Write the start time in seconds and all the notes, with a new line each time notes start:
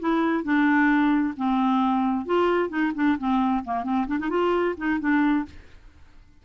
0.00 E4
0.44 D4
1.37 C4
2.26 F4
2.69 D#4
2.95 D4
3.19 C4
3.65 A#3
3.84 C4
4.08 D4
4.20 D#4
4.30 F4
4.77 D#4
5.00 D4